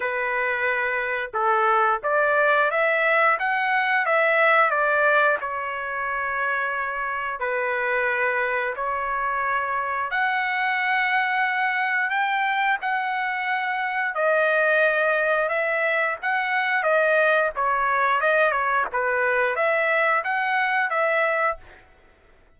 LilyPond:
\new Staff \with { instrumentName = "trumpet" } { \time 4/4 \tempo 4 = 89 b'2 a'4 d''4 | e''4 fis''4 e''4 d''4 | cis''2. b'4~ | b'4 cis''2 fis''4~ |
fis''2 g''4 fis''4~ | fis''4 dis''2 e''4 | fis''4 dis''4 cis''4 dis''8 cis''8 | b'4 e''4 fis''4 e''4 | }